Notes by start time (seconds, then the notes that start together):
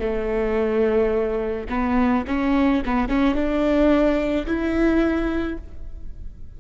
0.00 A3
1.69 B3
2.27 C#4
2.85 B3
3.09 C#4
3.35 D4
4.46 E4